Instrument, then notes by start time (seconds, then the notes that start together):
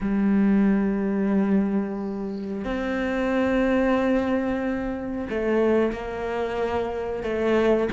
cello
0.00 G3
2.64 C4
5.29 A3
5.92 A#3
7.23 A3